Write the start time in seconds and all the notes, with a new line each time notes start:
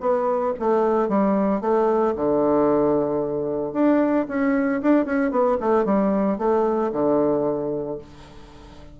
0.00 B3
0.59 A3
1.09 G3
1.61 A3
2.16 D3
3.73 D4
4.28 C#4
4.82 D4
5.05 C#4
5.31 B3
5.60 A3
5.85 G3
6.38 A3
6.92 D3